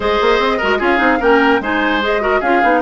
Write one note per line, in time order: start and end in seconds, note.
0.00 0.18 G#3
0.00 0.60 G#4
0.00 0.58 C5
0.00 0.82 D#5
0.21 0.38 A#3
0.38 0.58 C4
0.58 0.80 G#3
0.58 0.79 F#4
0.58 0.78 A#4
0.78 1.00 C#4
0.78 0.97 F4
0.78 1.18 G#4
0.78 1.22 F5
0.97 1.20 C4
0.97 1.17 D#4
1.20 1.59 A#3
1.20 1.61 C#4
1.20 1.60 A#4
1.20 1.62 G5
1.59 2.40 G#3
1.59 2.01 D#4
1.59 2.22 C5
1.59 2.03 G#5
2.01 2.20 G#4
2.01 2.41 D#5
2.20 2.40 F#4
2.20 2.40 A#4
2.40 2.61 C#4
2.40 2.62 F4
2.40 2.80 G#4
2.40 2.81 F5
2.62 2.81 B3
2.62 2.81 D#4